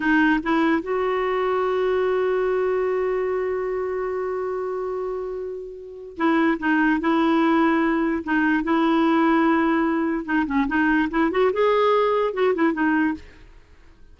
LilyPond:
\new Staff \with { instrumentName = "clarinet" } { \time 4/4 \tempo 4 = 146 dis'4 e'4 fis'2~ | fis'1~ | fis'1~ | fis'2. e'4 |
dis'4 e'2. | dis'4 e'2.~ | e'4 dis'8 cis'8 dis'4 e'8 fis'8 | gis'2 fis'8 e'8 dis'4 | }